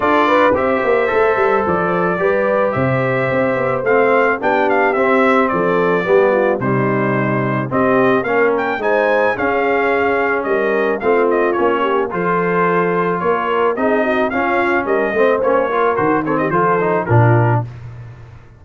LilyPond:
<<
  \new Staff \with { instrumentName = "trumpet" } { \time 4/4 \tempo 4 = 109 d''4 e''2 d''4~ | d''4 e''2 f''4 | g''8 f''8 e''4 d''2 | c''2 dis''4 f''8 g''8 |
gis''4 f''2 dis''4 | f''8 dis''8 cis''4 c''2 | cis''4 dis''4 f''4 dis''4 | cis''4 c''8 cis''16 dis''16 c''4 ais'4 | }
  \new Staff \with { instrumentName = "horn" } { \time 4/4 a'8 b'8 c''2. | b'4 c''2. | g'2 a'4 g'8 f'8 | dis'2 g'4 ais'4 |
c''4 gis'2 ais'4 | f'4. g'8 a'2 | ais'4 gis'8 fis'8 f'4 ais'8 c''8~ | c''8 ais'4 a'16 g'16 a'4 f'4 | }
  \new Staff \with { instrumentName = "trombone" } { \time 4/4 f'4 g'4 a'2 | g'2. c'4 | d'4 c'2 b4 | g2 c'4 cis'4 |
dis'4 cis'2. | c'4 cis'4 f'2~ | f'4 dis'4 cis'4. c'8 | cis'8 f'8 fis'8 c'8 f'8 dis'8 d'4 | }
  \new Staff \with { instrumentName = "tuba" } { \time 4/4 d'4 c'8 ais8 a8 g8 f4 | g4 c4 c'8 b8 a4 | b4 c'4 f4 g4 | c2 c'4 ais4 |
gis4 cis'2 g4 | a4 ais4 f2 | ais4 c'4 cis'4 g8 a8 | ais4 dis4 f4 ais,4 | }
>>